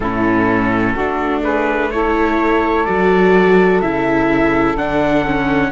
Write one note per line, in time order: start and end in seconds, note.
0.00 0.94 A2
0.00 0.97 C#4
0.00 0.93 E4
0.00 1.42 A4
0.93 2.86 A3
0.93 1.92 D4
0.93 1.40 F#4
1.42 1.90 G#4
1.42 1.90 B4
1.90 2.87 E4
1.90 5.71 A4
1.90 2.85 C#5
2.85 3.82 F#3
2.85 3.82 F#4
2.85 3.80 D5
3.81 4.77 C#3
3.81 4.77 E4
3.81 4.76 E5
4.77 5.71 D3
4.77 5.24 D4
4.77 5.71 F#5
5.24 5.71 C#4